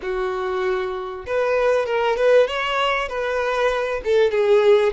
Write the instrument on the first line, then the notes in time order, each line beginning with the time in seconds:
violin
0.02 F#4
1.26 B4
1.86 A#4
2.16 B4
2.47 C#5
3.08 B4
4.04 A4
4.31 G#4